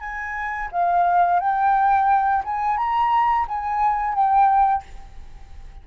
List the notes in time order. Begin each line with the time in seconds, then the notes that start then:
0.00 G#5
0.72 F5
1.40 G5
2.45 G#5
2.77 A#5
3.48 G#5
4.14 G5